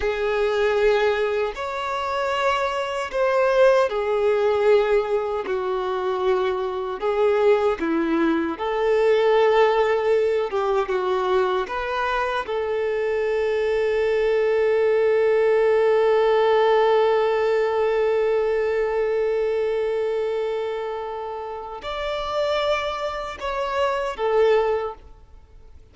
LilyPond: \new Staff \with { instrumentName = "violin" } { \time 4/4 \tempo 4 = 77 gis'2 cis''2 | c''4 gis'2 fis'4~ | fis'4 gis'4 e'4 a'4~ | a'4. g'8 fis'4 b'4 |
a'1~ | a'1~ | a'1 | d''2 cis''4 a'4 | }